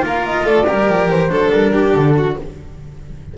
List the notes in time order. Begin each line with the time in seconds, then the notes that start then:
0.00 A#3 F4 A#4
0.07 F5
0.26 D#5
0.45 A3 A4 D5
0.66 G3 G4 A#4
0.88 F3
1.08 E3 C5
1.29 F#3 D4 A4
1.51 G3 A#4
1.72 G4
1.94 D3 A4
2.16 F#4